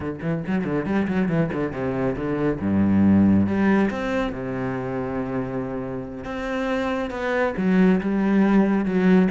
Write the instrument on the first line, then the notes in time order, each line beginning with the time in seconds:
cello
0.00 D3
0.21 E3
0.46 F#3
0.64 D3
0.85 G3
1.07 F#3
1.28 E3
1.53 D3
1.72 C3
2.15 D3
2.60 G2
3.46 G3
3.90 C4
4.32 C3
6.24 C4
7.10 B3
7.57 F#3
8.01 G3
8.85 F#3